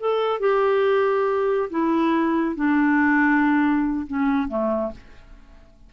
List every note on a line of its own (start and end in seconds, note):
0.00 0.40 A4
0.40 1.70 G4
1.70 2.56 E4
2.56 4.07 D4
4.07 4.49 C#4
4.49 4.92 A3